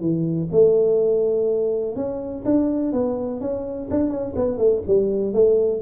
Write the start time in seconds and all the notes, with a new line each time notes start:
0.00 E3
0.51 A3
1.95 C#4
2.45 D4
2.92 B3
3.40 C#4
3.90 D4
4.10 C#4
4.35 B3
4.57 A3
4.87 G3
5.33 A3